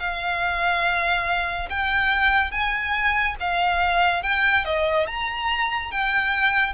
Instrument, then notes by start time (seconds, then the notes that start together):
violin
0.00 F5
1.70 G5
2.52 G#5
3.40 F5
4.23 G5
4.65 D#5
5.07 A#5
5.92 G5